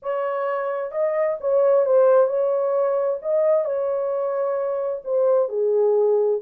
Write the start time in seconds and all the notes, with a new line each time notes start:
0.02 C#5
0.91 D#5
1.40 C#5
1.85 C5
2.27 C#5
3.21 D#5
3.65 C#5
5.04 C5
5.49 G#4